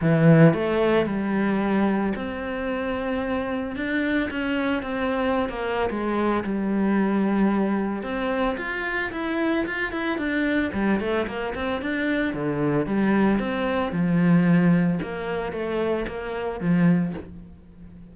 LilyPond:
\new Staff \with { instrumentName = "cello" } { \time 4/4 \tempo 4 = 112 e4 a4 g2 | c'2. d'4 | cis'4 c'4~ c'16 ais8. gis4 | g2. c'4 |
f'4 e'4 f'8 e'8 d'4 | g8 a8 ais8 c'8 d'4 d4 | g4 c'4 f2 | ais4 a4 ais4 f4 | }